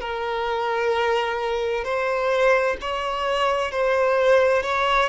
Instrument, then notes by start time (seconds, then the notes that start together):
violin
0.00 A#4
1.84 C5
2.81 C#5
3.71 C5
4.63 C#5